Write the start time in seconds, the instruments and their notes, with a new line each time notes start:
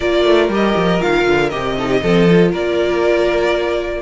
0.00 cello A#3, viola F4, violin A#4 D5
0.24 cello A3
0.48 cello G3, viola G4, violin D#5
0.76 cello F3
0.99 cello D#3, viola F4, violin F5
1.27 cello D3
1.49 cello C3, viola G4, violin D#5
1.77 viola D#4, violin A4
1.88 violin G4
2.02 cello F3, viola C4, violin A4
2.28 viola F4
2.51 cello A#3, violin A#4 D5